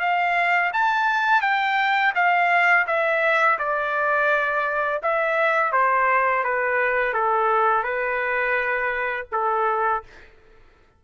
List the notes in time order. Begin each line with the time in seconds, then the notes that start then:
0.00 F5
0.73 A5
1.42 G5
2.15 F5
2.87 E5
3.58 D5
5.03 E5
5.73 C5
6.44 B4
7.14 A4
7.83 B4
9.32 A4